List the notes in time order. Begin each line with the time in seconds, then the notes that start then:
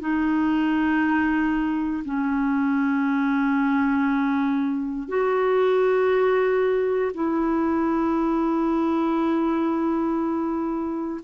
0.00 D#4
2.05 C#4
5.08 F#4
7.14 E4